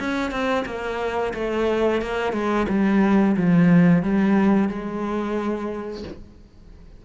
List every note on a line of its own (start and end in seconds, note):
0.00 0.32 C#4
0.32 0.65 C4
0.66 1.34 A#3
1.35 2.02 A3
2.02 2.33 A#3
2.33 2.67 G#3
2.69 3.36 G3
3.37 4.03 F3
4.03 4.69 G3
4.69 6.04 G#3